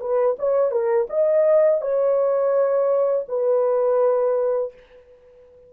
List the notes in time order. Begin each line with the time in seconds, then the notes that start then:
0.00 B4
0.39 C#5
0.71 A#4
1.09 D#5
1.81 C#5
3.29 B4